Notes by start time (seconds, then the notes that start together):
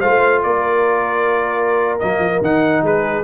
0.00 A3 F4 C5 F5
0.43 A#3 A#4 D5
2.00 F#3 A#3 D#5
2.19 F3
2.42 D#3 D#4 F#5
2.82 G#3 G#4 B4